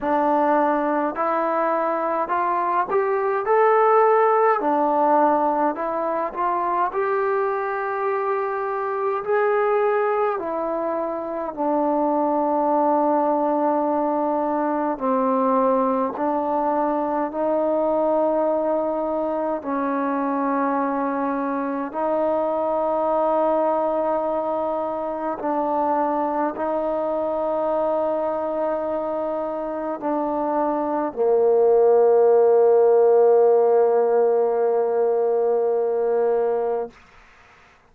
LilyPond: \new Staff \with { instrumentName = "trombone" } { \time 4/4 \tempo 4 = 52 d'4 e'4 f'8 g'8 a'4 | d'4 e'8 f'8 g'2 | gis'4 e'4 d'2~ | d'4 c'4 d'4 dis'4~ |
dis'4 cis'2 dis'4~ | dis'2 d'4 dis'4~ | dis'2 d'4 ais4~ | ais1 | }